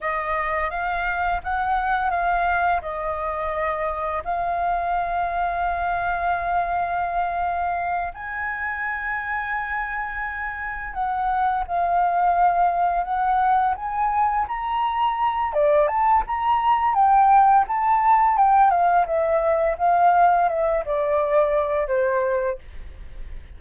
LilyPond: \new Staff \with { instrumentName = "flute" } { \time 4/4 \tempo 4 = 85 dis''4 f''4 fis''4 f''4 | dis''2 f''2~ | f''2.~ f''8 gis''8~ | gis''2.~ gis''8 fis''8~ |
fis''8 f''2 fis''4 gis''8~ | gis''8 ais''4. d''8 a''8 ais''4 | g''4 a''4 g''8 f''8 e''4 | f''4 e''8 d''4. c''4 | }